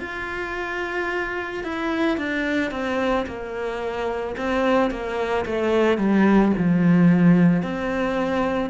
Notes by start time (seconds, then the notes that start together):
0.00 F4
1.63 E4
2.17 D4
2.71 C4
3.26 A#3
4.36 C4
4.90 A#3
5.45 A3
5.98 G3
6.57 F3
7.62 C4